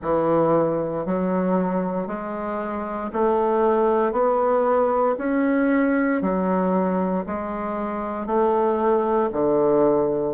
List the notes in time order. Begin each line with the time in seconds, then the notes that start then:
0.02 E3
1.05 F#3
2.07 G#3
3.13 A3
4.11 B3
5.18 C#4
6.21 F#3
7.26 G#3
8.26 A3
9.32 D3